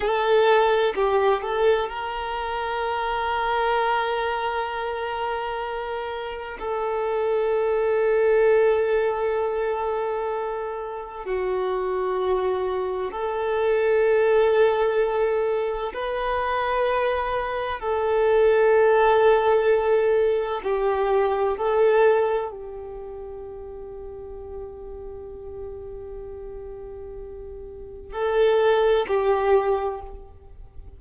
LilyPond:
\new Staff \with { instrumentName = "violin" } { \time 4/4 \tempo 4 = 64 a'4 g'8 a'8 ais'2~ | ais'2. a'4~ | a'1 | fis'2 a'2~ |
a'4 b'2 a'4~ | a'2 g'4 a'4 | g'1~ | g'2 a'4 g'4 | }